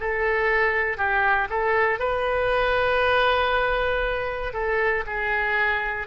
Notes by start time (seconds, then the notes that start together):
0.00 A4
0.98 G4
1.50 A4
1.99 B4
4.53 A4
5.07 G#4